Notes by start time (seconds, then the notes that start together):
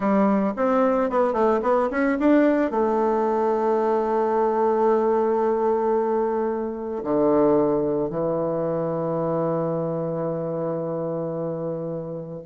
0.00 G3
0.56 C4
1.10 B3
1.33 A3
1.62 B3
1.90 C#4
2.19 D4
2.71 A3
7.03 D3
8.09 E3